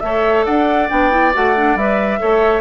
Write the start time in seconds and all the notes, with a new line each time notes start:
0.00 A3 A4 C#5 E5
0.45 D4 D5 F#5
0.89 B3 D4 G5
1.10 E4
1.33 A3 F#4 F#5
1.55 D4
1.75 G3 B4 E5
2.19 A3 A4 C#5